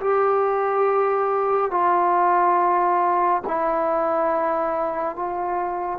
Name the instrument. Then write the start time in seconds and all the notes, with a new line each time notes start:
trombone
0.00 G4
1.70 F4
3.47 E4
5.15 F4